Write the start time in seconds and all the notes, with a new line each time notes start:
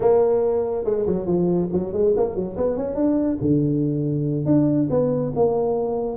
0.00 A#3
0.84 G#3
1.06 F#3
1.26 F3
1.72 F#3
1.92 G#3
2.16 A#3
2.35 F#3
2.56 B3
2.76 C#4
2.95 D4
3.41 D3
4.45 D4
4.90 B3
5.35 A#3